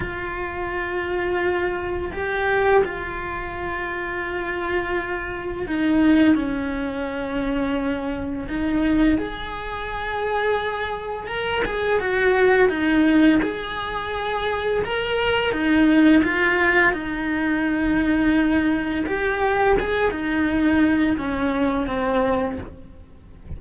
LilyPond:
\new Staff \with { instrumentName = "cello" } { \time 4/4 \tempo 4 = 85 f'2. g'4 | f'1 | dis'4 cis'2. | dis'4 gis'2. |
ais'8 gis'8 fis'4 dis'4 gis'4~ | gis'4 ais'4 dis'4 f'4 | dis'2. g'4 | gis'8 dis'4. cis'4 c'4 | }